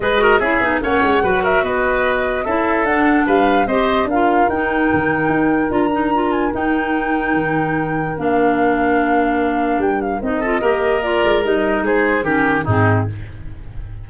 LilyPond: <<
  \new Staff \with { instrumentName = "flute" } { \time 4/4 \tempo 4 = 147 dis''4 e''4 fis''4. e''8 | dis''2 e''4 fis''4 | f''4 dis''4 f''4 g''4~ | g''2 ais''4. gis''8 |
g''1 | f''1 | g''8 f''8 dis''2 d''4 | dis''4 c''4 ais'4 gis'4 | }
  \new Staff \with { instrumentName = "oboe" } { \time 4/4 b'8 ais'8 gis'4 cis''4 b'8 ais'8 | b'2 a'2 | b'4 c''4 ais'2~ | ais'1~ |
ais'1~ | ais'1~ | ais'4. a'8 ais'2~ | ais'4 gis'4 g'4 dis'4 | }
  \new Staff \with { instrumentName = "clarinet" } { \time 4/4 gis'8 fis'8 e'8 dis'8 cis'4 fis'4~ | fis'2 e'4 d'4~ | d'4 g'4 f'4 dis'4~ | dis'2 f'8 dis'8 f'4 |
dis'1 | d'1~ | d'4 dis'8 f'8 g'4 f'4 | dis'2 cis'4 c'4 | }
  \new Staff \with { instrumentName = "tuba" } { \time 4/4 gis4 cis'8 b8 ais8 gis8 fis4 | b2 cis'4 d'4 | g4 c'4 d'4 dis'4 | dis4 dis'4 d'2 |
dis'2 dis2 | ais1 | g4 c'4 ais4. gis8 | g4 gis4 dis4 gis,4 | }
>>